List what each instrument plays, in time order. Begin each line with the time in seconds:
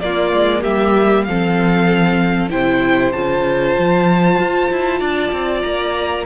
0.00 cello A#3, viola A#3, violin F4 D5
0.33 cello G#3
0.61 cello G3, violin G4 E5
1.24 cello F3, viola C4, violin A4 F5
2.49 cello C3, viola E4, violin C5 G5
3.12 cello C#3, viola F4, violin A5
3.78 cello F3
4.38 cello F4
4.70 cello E4
4.99 cello D4, violin D5
5.32 cello C4
5.61 cello A#3, violin A#5